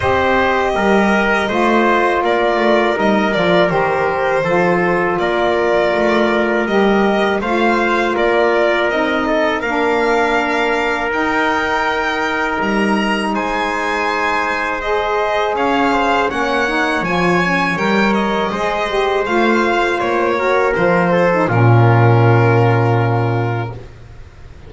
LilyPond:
<<
  \new Staff \with { instrumentName = "violin" } { \time 4/4 \tempo 4 = 81 dis''2. d''4 | dis''8 d''8 c''2 d''4~ | d''4 dis''4 f''4 d''4 | dis''4 f''2 g''4~ |
g''4 ais''4 gis''2 | dis''4 f''4 fis''4 gis''4 | g''8 dis''4. f''4 cis''4 | c''4 ais'2. | }
  \new Staff \with { instrumentName = "trumpet" } { \time 4/4 c''4 ais'4 c''4 ais'4~ | ais'2 a'4 ais'4~ | ais'2 c''4 ais'4~ | ais'8 a'8 ais'2.~ |
ais'2 c''2~ | c''4 cis''8 c''8 cis''2~ | cis''4 c''2~ c''8 ais'8~ | ais'8 a'8 f'2. | }
  \new Staff \with { instrumentName = "saxophone" } { \time 4/4 g'2 f'2 | dis'8 f'8 g'4 f'2~ | f'4 g'4 f'2 | dis'4 d'2 dis'4~ |
dis'1 | gis'2 cis'8 dis'8 f'8 cis'8 | ais'4 gis'8 g'8 f'4. fis'8 | f'8. dis'16 cis'2. | }
  \new Staff \with { instrumentName = "double bass" } { \time 4/4 c'4 g4 a4 ais8 a8 | g8 f8 dis4 f4 ais4 | a4 g4 a4 ais4 | c'4 ais2 dis'4~ |
dis'4 g4 gis2~ | gis4 cis'4 ais4 f4 | g4 gis4 a4 ais4 | f4 ais,2. | }
>>